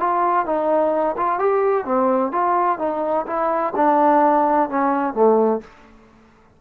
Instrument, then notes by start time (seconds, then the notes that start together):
trombone
0.00 F4
0.46 D#4
1.17 F4
1.39 G4
1.85 C4
2.32 F4
2.79 D#4
3.26 E4
3.76 D4
4.70 C#4
5.14 A3